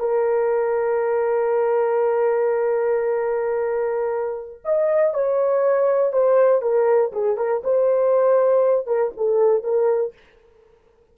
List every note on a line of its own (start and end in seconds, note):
0.00 4.62 A#4
4.65 5.14 D#5
5.14 6.13 C#5
6.13 6.62 C5
6.62 7.12 A#4
7.12 7.38 G#4
7.38 7.62 A#4
7.64 8.87 C5
8.87 9.12 A#4
9.17 9.64 A4
9.64 10.14 A#4